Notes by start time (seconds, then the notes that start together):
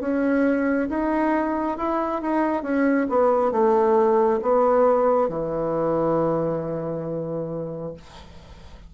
0.00 C#4
0.89 D#4
1.77 E4
2.21 D#4
2.63 C#4
3.09 B3
3.51 A3
4.42 B3
5.29 E3